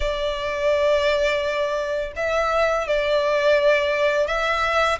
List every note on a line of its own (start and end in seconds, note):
0.00 2.12 D5
2.16 2.87 E5
2.87 4.27 D5
4.27 4.98 E5